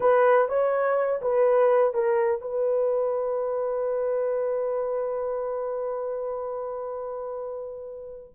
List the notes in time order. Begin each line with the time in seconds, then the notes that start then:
0.00 B4
0.48 C#5
1.21 B4
1.94 A#4
2.41 B4